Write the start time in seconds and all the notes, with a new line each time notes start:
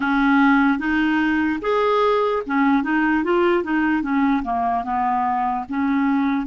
0.00 C#4
0.78 D#4
1.61 G#4
2.46 C#4
2.83 D#4
3.24 F4
3.63 D#4
4.02 C#4
4.43 A#3
4.84 B3
5.68 C#4